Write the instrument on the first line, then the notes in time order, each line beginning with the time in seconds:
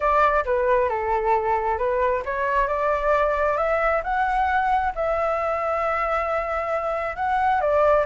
flute
0.00 D5
0.45 B4
0.89 A4
1.78 B4
2.25 C#5
2.67 D5
3.57 E5
4.03 F#5
4.95 E5
7.16 F#5
7.60 D5